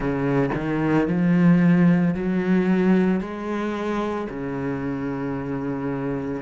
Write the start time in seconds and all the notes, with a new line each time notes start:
0.00 C#3
0.54 D#3
1.07 F3
2.14 F#3
3.20 G#3
4.29 C#3